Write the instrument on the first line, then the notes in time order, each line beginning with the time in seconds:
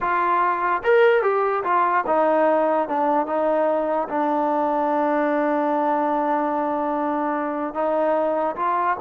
trombone
0.00 F4
0.83 A#4
1.22 G4
1.63 F4
2.06 D#4
2.88 D4
3.26 D#4
4.09 D4
7.73 D#4
8.56 F4